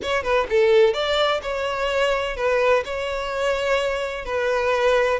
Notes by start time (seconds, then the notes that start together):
0.02 C#5
0.23 B4
0.49 A4
0.93 D5
1.42 C#5
2.36 B4
2.85 C#5
4.25 B4